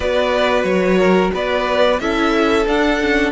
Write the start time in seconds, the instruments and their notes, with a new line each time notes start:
0.00 cello B3, viola F#4, violin B4 D5
0.64 cello F#3, violin C#5
0.98 violin A#4
1.34 cello B3, violin B4 D5
1.99 cello C#4, viola E4, violin A4 E5
2.66 viola D4, cello D4, violin F#5
3.00 viola C#4